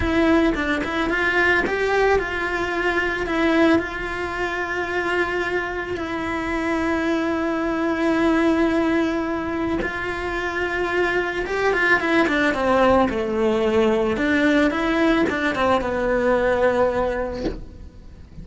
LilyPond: \new Staff \with { instrumentName = "cello" } { \time 4/4 \tempo 4 = 110 e'4 d'8 e'8 f'4 g'4 | f'2 e'4 f'4~ | f'2. e'4~ | e'1~ |
e'2 f'2~ | f'4 g'8 f'8 e'8 d'8 c'4 | a2 d'4 e'4 | d'8 c'8 b2. | }